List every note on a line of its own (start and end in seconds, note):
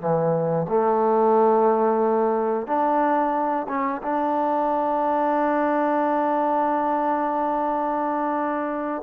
0.00 0.67 E3
0.68 2.67 A3
2.67 3.67 D4
3.68 4.02 C#4
4.02 9.02 D4